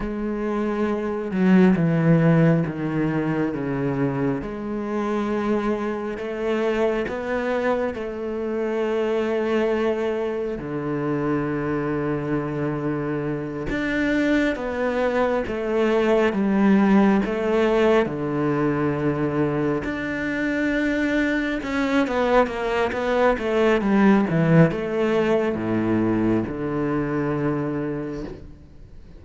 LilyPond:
\new Staff \with { instrumentName = "cello" } { \time 4/4 \tempo 4 = 68 gis4. fis8 e4 dis4 | cis4 gis2 a4 | b4 a2. | d2.~ d8 d'8~ |
d'8 b4 a4 g4 a8~ | a8 d2 d'4.~ | d'8 cis'8 b8 ais8 b8 a8 g8 e8 | a4 a,4 d2 | }